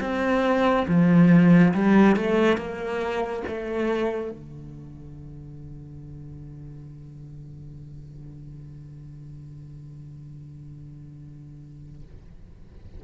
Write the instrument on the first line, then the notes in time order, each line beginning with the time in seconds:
cello
0.00 C4
0.88 F3
1.73 G3
2.16 A3
2.57 A#3
3.47 A3
4.31 D3